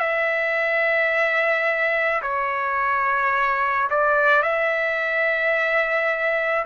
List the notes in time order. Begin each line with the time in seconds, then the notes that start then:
0.00 E5
2.23 C#5
3.90 D5
4.43 E5